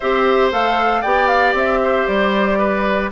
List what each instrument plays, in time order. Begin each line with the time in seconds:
0.00 bassoon C4, clarinet G4, oboe C5, flute E5
0.51 bassoon A3, clarinet A4, flute F5
1.01 bassoon B3, clarinet G4, oboe D5, flute G5
1.27 flute F5
1.54 bassoon C4, flute E5
1.83 oboe C5
2.07 bassoon G3, flute D5
2.58 oboe B4